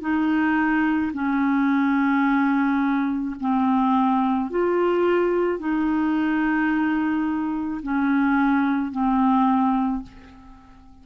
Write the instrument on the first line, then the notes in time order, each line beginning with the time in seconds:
clarinet
0.00 D#4
1.13 C#4
3.40 C4
4.49 F4
5.59 D#4
7.82 C#4
8.91 C4